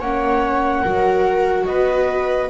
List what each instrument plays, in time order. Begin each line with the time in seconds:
0.00 double bass A#3, viola C#4 C#5, flute F#5
0.82 double bass F#3, viola F#4 A#4
1.65 double bass B3, viola B4, flute D#5